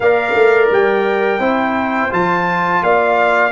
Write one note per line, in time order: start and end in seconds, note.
0.00 0.33 A#3
0.00 1.40 A#4
0.00 1.40 D5
0.00 0.68 F5
0.34 0.70 A3
0.70 1.39 G3
0.70 2.13 G5
1.39 2.09 C4
1.39 2.09 E4
1.39 2.81 C5
2.09 2.82 F3
2.09 3.51 F4
2.09 2.83 A5
2.82 3.51 A#3
2.82 3.51 D5
2.82 3.51 F5